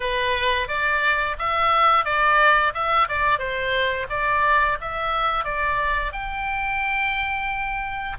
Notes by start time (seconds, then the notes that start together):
0.00 B4
0.68 D5
1.38 E5
2.05 D5
2.73 E5
3.08 D5
3.38 C5
4.09 D5
4.80 E5
5.44 D5
6.12 G5